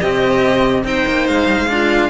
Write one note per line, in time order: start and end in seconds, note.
0.00 0.84 C3
0.00 0.84 C4
0.00 0.84 G4
0.00 0.83 D#5
0.84 1.05 C4
0.84 1.68 D#4
0.84 1.71 C5
0.84 1.27 G5
1.07 1.28 A#3
1.27 1.48 G#3
1.27 2.10 F5
1.48 1.58 G3
1.59 2.10 G#3
1.68 2.10 D4
1.68 2.10 F4